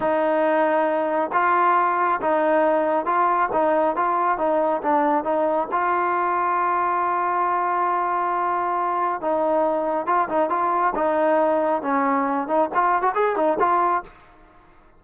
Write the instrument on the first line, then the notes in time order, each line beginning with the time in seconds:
trombone
0.00 D#4
1.32 F4
2.21 D#4
3.05 F4
3.52 D#4
3.96 F4
4.37 D#4
4.82 D4
5.24 D#4
5.71 F4
9.21 D#4
10.06 F4
10.28 D#4
10.49 F4
10.95 D#4
11.82 C#4
12.47 D#4
12.74 F4
13.02 F#4
13.14 G#4
13.36 D#4
13.59 F4